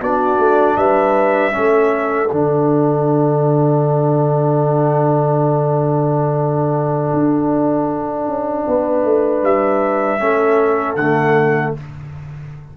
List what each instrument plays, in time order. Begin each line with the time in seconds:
0.00 tuba B3, trombone D4, horn F#4, trumpet D5
0.38 tuba A3
0.77 tuba G3, horn B4, trumpet E5
1.52 tuba A3, trombone C#4, horn A4
2.31 tuba D3, trombone D4, trumpet F#5
7.13 tuba D4
8.27 tuba C#4
8.67 tuba B3, horn B4
9.04 tuba A3
9.43 tuba G3, trumpet E5
10.20 tuba A3, trombone C#4, horn A4
10.96 tuba D3, trombone A3, trumpet F#5